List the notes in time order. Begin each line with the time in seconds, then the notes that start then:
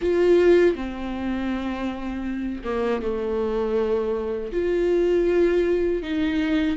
0.01 F4
0.75 C4
2.64 A#3
3.01 A3
4.52 F4
6.02 D#4